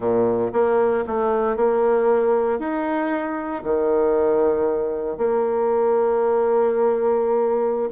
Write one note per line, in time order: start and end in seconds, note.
0.00 0.51 A#2
0.52 1.04 A#3
1.07 1.56 A3
1.56 2.59 A#3
2.59 3.62 D#4
3.63 5.17 D#3
5.17 7.89 A#3